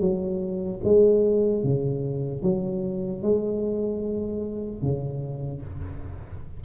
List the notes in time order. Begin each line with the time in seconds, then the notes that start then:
0.00 F#3
0.84 G#3
1.63 C#3
2.42 F#3
3.22 G#3
4.82 C#3